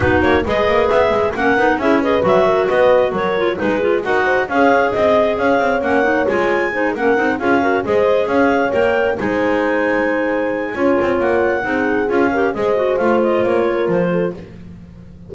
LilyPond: <<
  \new Staff \with { instrumentName = "clarinet" } { \time 4/4 \tempo 4 = 134 b'8 cis''8 dis''4 e''4 fis''4 | e''8 dis''8 e''4 dis''4 cis''4 | b'4 fis''4 f''4 dis''4 | f''4 fis''4 gis''4. fis''8~ |
fis''8 f''4 dis''4 f''4 g''8~ | g''8 gis''2.~ gis''8~ | gis''4 fis''2 f''4 | dis''4 f''8 dis''8 cis''4 c''4 | }
  \new Staff \with { instrumentName = "horn" } { \time 4/4 fis'4 b'2 ais'4 | gis'8 b'4 ais'8 b'4 ais'4 | gis'4 ais'8 c''8 cis''4 dis''4 | cis''2. c''8 ais'8~ |
ais'8 gis'8 ais'8 c''4 cis''4.~ | cis''8 c''2.~ c''8 | cis''2 gis'4. ais'8 | c''2~ c''8 ais'4 a'8 | }
  \new Staff \with { instrumentName = "clarinet" } { \time 4/4 dis'4 gis'2 cis'8 dis'8 | e'8 gis'8 fis'2~ fis'8 f'8 | dis'8 f'8 fis'4 gis'2~ | gis'4 cis'8 dis'8 f'4 dis'8 cis'8 |
dis'8 f'8 fis'8 gis'2 ais'8~ | ais'8 dis'2.~ dis'8 | f'2 dis'4 f'8 g'8 | gis'8 fis'8 f'2. | }
  \new Staff \with { instrumentName = "double bass" } { \time 4/4 b8 ais8 gis8 ais8 b8 gis8 ais8 b8 | cis'4 fis4 b4 fis4 | gis4 dis'4 cis'4 c'4 | cis'8 c'8 ais4 gis4. ais8 |
c'8 cis'4 gis4 cis'4 ais8~ | ais8 gis2.~ gis8 | cis'8 c'8 ais4 c'4 cis'4 | gis4 a4 ais4 f4 | }
>>